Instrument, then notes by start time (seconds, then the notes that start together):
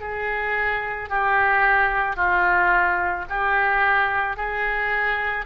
oboe
0.00 G#4
1.09 G4
2.16 F4
3.29 G4
4.36 G#4